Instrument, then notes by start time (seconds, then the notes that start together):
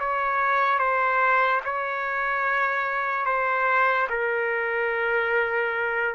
trumpet
0.00 C#5
0.79 C5
1.66 C#5
3.26 C5
4.10 A#4